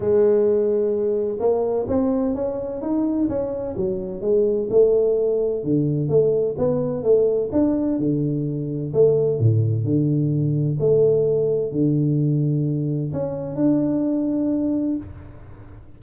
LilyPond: \new Staff \with { instrumentName = "tuba" } { \time 4/4 \tempo 4 = 128 gis2. ais4 | c'4 cis'4 dis'4 cis'4 | fis4 gis4 a2 | d4 a4 b4 a4 |
d'4 d2 a4 | a,4 d2 a4~ | a4 d2. | cis'4 d'2. | }